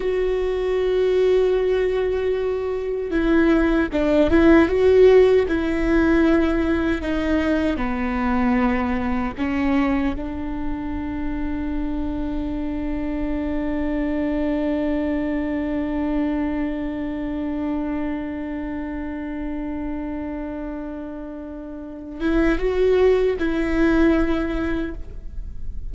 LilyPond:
\new Staff \with { instrumentName = "viola" } { \time 4/4 \tempo 4 = 77 fis'1 | e'4 d'8 e'8 fis'4 e'4~ | e'4 dis'4 b2 | cis'4 d'2.~ |
d'1~ | d'1~ | d'1~ | d'8 e'8 fis'4 e'2 | }